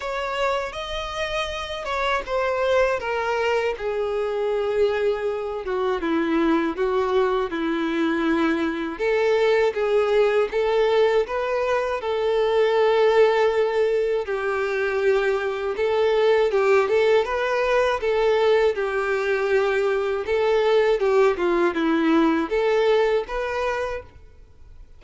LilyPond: \new Staff \with { instrumentName = "violin" } { \time 4/4 \tempo 4 = 80 cis''4 dis''4. cis''8 c''4 | ais'4 gis'2~ gis'8 fis'8 | e'4 fis'4 e'2 | a'4 gis'4 a'4 b'4 |
a'2. g'4~ | g'4 a'4 g'8 a'8 b'4 | a'4 g'2 a'4 | g'8 f'8 e'4 a'4 b'4 | }